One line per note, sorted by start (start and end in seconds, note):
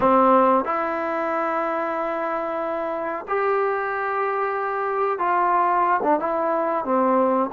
0.00 0.64 C4
0.64 3.25 E4
3.28 5.18 G4
5.18 6.00 F4
6.03 6.19 D4
6.19 6.84 E4
6.84 7.49 C4